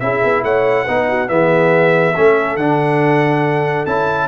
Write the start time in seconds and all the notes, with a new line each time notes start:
0.00 C#4 E4 G#4 E5
0.24 B3
0.44 A3 C#5 F#5
0.85 B3 D#4 B4
1.09 F#4
1.28 E3 B3 G#4 E5
2.15 A3 C#4 A4
2.57 D3 D4 F#5
3.86 C#4 E4 A5